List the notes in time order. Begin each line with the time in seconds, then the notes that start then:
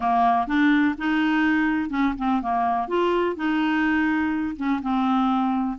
0.00 A#3
0.47 D4
0.98 D#4
1.89 C#4
2.18 C4
2.41 A#3
2.88 F4
3.36 D#4
4.56 C#4
4.82 C4